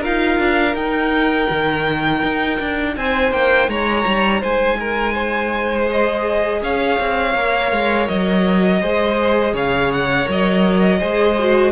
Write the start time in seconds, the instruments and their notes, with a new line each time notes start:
0.00 viola F4, violin A#4 F5
0.06 cello D#4
0.39 cello D4
0.74 viola D#4, cello D#4, violin G5
1.50 cello D#3
2.23 cello D#4
2.60 cello D4
2.97 cello C4, violin C5 G#5
3.32 cello A#3, violin G5
3.69 cello G#3, violin C#5 A#5
4.07 cello G3
4.41 cello G#3, violin C5 G#5
4.80 violin A#4
5.14 violin C5
5.86 viola G#4, violin D#5
6.62 cello C#4, violin C#5 F5
7.00 cello C4
7.35 cello A#3, viola A#4
7.72 cello G#3
8.08 cello F#3, violin D#5
8.82 cello G#3, viola G#4, violin C5
9.54 cello C#3, violin C#5 F5
9.93 violin F#5
10.25 cello F#3, viola A#4
10.32 violin D#5
11.00 cello G#3, viola G#4, violin C5
11.40 viola F#4